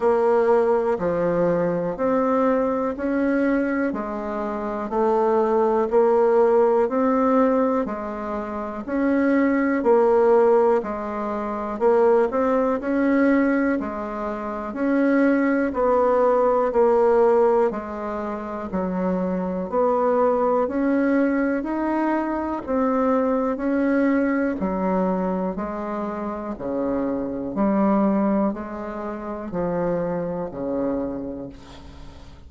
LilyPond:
\new Staff \with { instrumentName = "bassoon" } { \time 4/4 \tempo 4 = 61 ais4 f4 c'4 cis'4 | gis4 a4 ais4 c'4 | gis4 cis'4 ais4 gis4 | ais8 c'8 cis'4 gis4 cis'4 |
b4 ais4 gis4 fis4 | b4 cis'4 dis'4 c'4 | cis'4 fis4 gis4 cis4 | g4 gis4 f4 cis4 | }